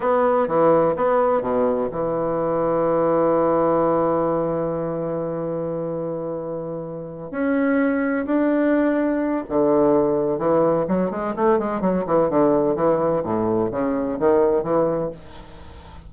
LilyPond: \new Staff \with { instrumentName = "bassoon" } { \time 4/4 \tempo 4 = 127 b4 e4 b4 b,4 | e1~ | e1~ | e2.~ e8 cis'8~ |
cis'4. d'2~ d'8 | d2 e4 fis8 gis8 | a8 gis8 fis8 e8 d4 e4 | a,4 cis4 dis4 e4 | }